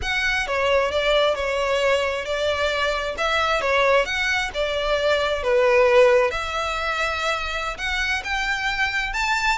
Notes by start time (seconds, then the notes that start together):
0.02 F#5
0.47 C#5
0.91 D5
1.35 C#5
2.25 D5
3.17 E5
3.61 C#5
4.05 F#5
4.53 D5
5.42 B4
6.30 E5
7.77 F#5
8.24 G5
9.13 A5